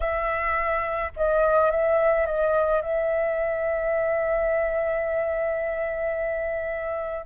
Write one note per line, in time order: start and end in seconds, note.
0.00 1.11 E5
1.16 1.71 D#5
1.71 2.26 E5
2.26 2.81 D#5
2.81 7.26 E5